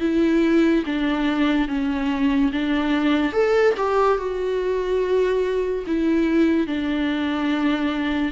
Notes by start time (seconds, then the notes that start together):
0.00 E4
0.85 D4
1.68 C#4
2.52 D4
3.32 A4
3.77 G4
4.17 F#4
5.86 E4
6.67 D4